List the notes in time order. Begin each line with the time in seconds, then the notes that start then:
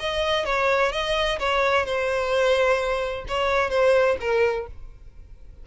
0.00 D#5
0.46 C#5
0.93 D#5
1.40 C#5
1.86 C5
3.28 C#5
3.70 C5
4.21 A#4